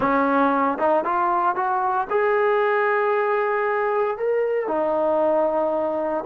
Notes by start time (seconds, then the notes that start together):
0.00 C#4
0.78 D#4
1.04 F4
1.55 F#4
2.10 G#4
4.17 A#4
4.67 D#4